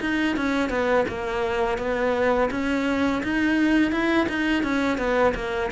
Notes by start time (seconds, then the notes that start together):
0.00 D#4
0.36 C#4
0.69 B3
1.08 A#3
1.78 B3
2.50 C#4
3.23 D#4
3.91 E4
4.29 D#4
4.63 C#4
4.98 B3
5.34 A#3